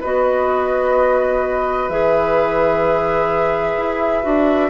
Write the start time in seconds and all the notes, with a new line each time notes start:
0.00 B3 F#4 B4 D#5
1.88 E3 G#4 E5
3.77 E4
4.23 D4 F#4